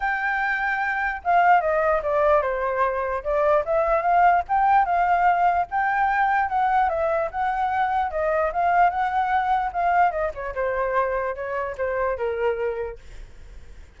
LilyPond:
\new Staff \with { instrumentName = "flute" } { \time 4/4 \tempo 4 = 148 g''2. f''4 | dis''4 d''4 c''2 | d''4 e''4 f''4 g''4 | f''2 g''2 |
fis''4 e''4 fis''2 | dis''4 f''4 fis''2 | f''4 dis''8 cis''8 c''2 | cis''4 c''4 ais'2 | }